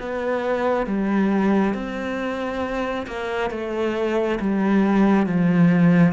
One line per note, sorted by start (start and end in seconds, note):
0.00 0.87 B3
0.87 1.74 G3
1.74 3.07 C4
3.07 3.51 A#3
3.51 4.39 A3
4.40 5.27 G3
5.27 6.13 F3